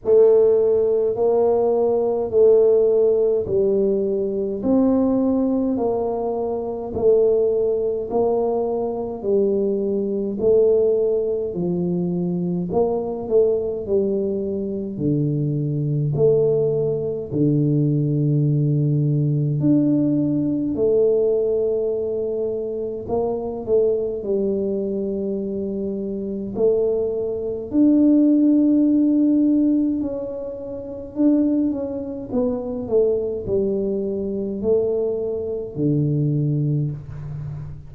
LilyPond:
\new Staff \with { instrumentName = "tuba" } { \time 4/4 \tempo 4 = 52 a4 ais4 a4 g4 | c'4 ais4 a4 ais4 | g4 a4 f4 ais8 a8 | g4 d4 a4 d4~ |
d4 d'4 a2 | ais8 a8 g2 a4 | d'2 cis'4 d'8 cis'8 | b8 a8 g4 a4 d4 | }